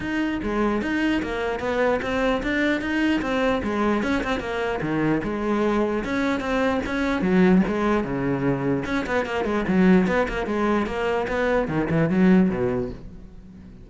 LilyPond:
\new Staff \with { instrumentName = "cello" } { \time 4/4 \tempo 4 = 149 dis'4 gis4 dis'4 ais4 | b4 c'4 d'4 dis'4 | c'4 gis4 cis'8 c'8 ais4 | dis4 gis2 cis'4 |
c'4 cis'4 fis4 gis4 | cis2 cis'8 b8 ais8 gis8 | fis4 b8 ais8 gis4 ais4 | b4 dis8 e8 fis4 b,4 | }